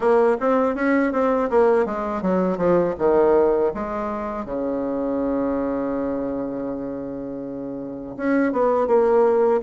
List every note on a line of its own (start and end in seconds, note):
0.00 0.37 A#3
0.40 0.75 C4
0.75 1.12 C#4
1.12 1.49 C4
1.49 1.85 A#3
1.85 2.22 G#3
2.22 2.57 F#3
2.57 2.94 F3
2.98 3.72 D#3
3.74 4.45 G#3
4.45 8.15 C#3
8.16 8.52 C#4
8.52 8.87 B3
8.87 9.61 A#3